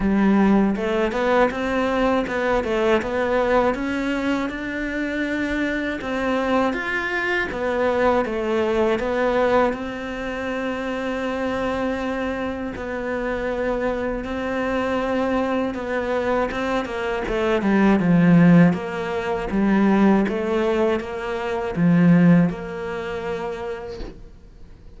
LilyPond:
\new Staff \with { instrumentName = "cello" } { \time 4/4 \tempo 4 = 80 g4 a8 b8 c'4 b8 a8 | b4 cis'4 d'2 | c'4 f'4 b4 a4 | b4 c'2.~ |
c'4 b2 c'4~ | c'4 b4 c'8 ais8 a8 g8 | f4 ais4 g4 a4 | ais4 f4 ais2 | }